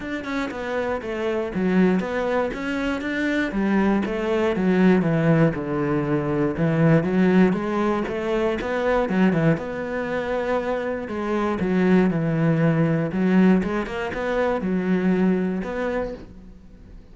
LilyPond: \new Staff \with { instrumentName = "cello" } { \time 4/4 \tempo 4 = 119 d'8 cis'8 b4 a4 fis4 | b4 cis'4 d'4 g4 | a4 fis4 e4 d4~ | d4 e4 fis4 gis4 |
a4 b4 fis8 e8 b4~ | b2 gis4 fis4 | e2 fis4 gis8 ais8 | b4 fis2 b4 | }